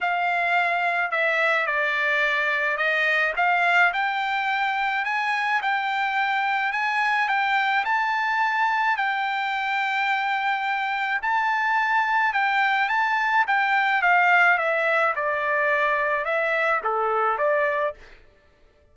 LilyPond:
\new Staff \with { instrumentName = "trumpet" } { \time 4/4 \tempo 4 = 107 f''2 e''4 d''4~ | d''4 dis''4 f''4 g''4~ | g''4 gis''4 g''2 | gis''4 g''4 a''2 |
g''1 | a''2 g''4 a''4 | g''4 f''4 e''4 d''4~ | d''4 e''4 a'4 d''4 | }